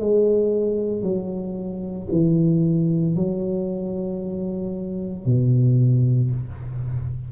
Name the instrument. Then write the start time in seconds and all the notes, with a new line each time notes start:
tuba
0.00 G#3
1.02 F#3
2.11 E3
3.16 F#3
5.26 B2